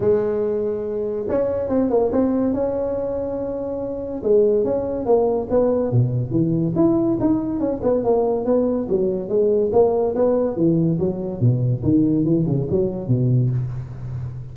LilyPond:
\new Staff \with { instrumentName = "tuba" } { \time 4/4 \tempo 4 = 142 gis2. cis'4 | c'8 ais8 c'4 cis'2~ | cis'2 gis4 cis'4 | ais4 b4 b,4 e4 |
e'4 dis'4 cis'8 b8 ais4 | b4 fis4 gis4 ais4 | b4 e4 fis4 b,4 | dis4 e8 cis8 fis4 b,4 | }